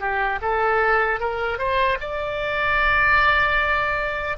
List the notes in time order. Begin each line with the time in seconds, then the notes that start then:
0.00 G4
0.42 A4
1.20 A#4
1.59 C5
2.01 D5